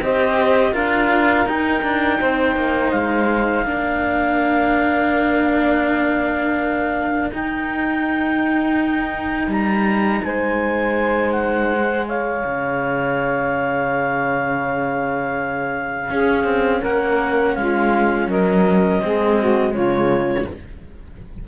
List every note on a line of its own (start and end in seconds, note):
0.00 0.73 C4
0.00 0.72 G4
0.00 0.72 C5
0.00 0.74 D#5
0.72 1.45 D4
0.72 1.45 F4
0.72 2.18 A#4
0.72 1.47 F5
1.45 1.82 D#4
1.45 3.65 D#4
1.45 2.91 G5
1.82 2.19 D4
2.20 2.55 C4
2.20 3.66 C5
2.55 2.92 A#3
2.91 3.65 G#3
2.91 7.30 F5
3.65 7.30 A#3
3.65 7.31 D4
3.65 10.24 A#4
7.31 9.47 D#4
7.31 11.72 D#4
7.31 9.52 G5
9.47 10.20 G3
9.47 10.24 A#5
10.24 12.44 G#3
10.24 12.05 C5
10.24 11.32 G#5
11.32 12.05 F#5
11.72 16.08 G#4
12.05 16.08 C#5
12.05 16.83 F5
12.45 16.10 C#3
16.08 19.01 C#4
16.08 16.44 C#4
16.08 16.80 G#4
16.44 16.80 C4
16.80 17.56 A#3
16.80 17.53 A#4
16.80 17.55 F#5
17.55 18.27 G#3
17.55 18.29 F4
17.55 18.28 F5
18.27 19.00 F#3
18.27 19.02 A#4
18.27 19.73 D#5
19.01 19.74 G#3
19.01 19.71 C4
19.01 19.39 G#4
19.39 19.73 F#4
19.71 20.47 C#3
19.71 20.44 G#3
19.71 20.47 F4
19.71 20.47 C#5